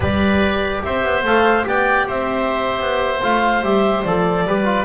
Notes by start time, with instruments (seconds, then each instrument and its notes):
0.00 double bass G3, trombone G4, oboe B4, clarinet D5
0.83 double bass C4, oboe C5, clarinet E5
1.02 double bass B3
1.23 double bass A3, trombone A4, clarinet F5
1.62 double bass B3, trombone G4, oboe D5, clarinet G5
2.07 double bass C4, oboe C5, clarinet E5
2.80 double bass B3
3.22 double bass A3, trombone F4, clarinet F5
3.61 double bass G3, trombone G4, clarinet E5
4.03 double bass F3, trombone A4, clarinet D5
4.44 double bass G3, trombone G4, oboe B4
4.65 trombone F4